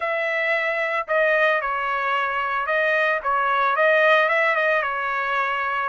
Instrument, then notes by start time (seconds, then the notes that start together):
trumpet
0.00 E5
1.07 D#5
1.61 C#5
2.66 D#5
3.23 C#5
3.76 D#5
4.29 E5
4.55 D#5
4.82 C#5